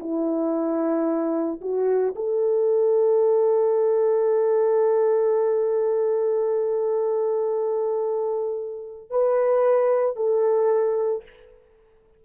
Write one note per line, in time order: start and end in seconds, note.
0.00 1.61 E4
1.61 2.15 F#4
2.16 9.10 A4
9.10 10.16 B4
10.16 11.24 A4